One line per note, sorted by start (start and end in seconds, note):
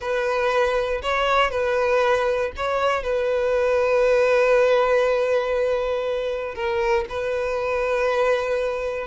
0.00 1.01 B4
1.02 1.50 C#5
1.50 2.51 B4
2.56 3.03 C#5
3.03 6.55 B4
6.55 7.05 A#4
7.09 9.07 B4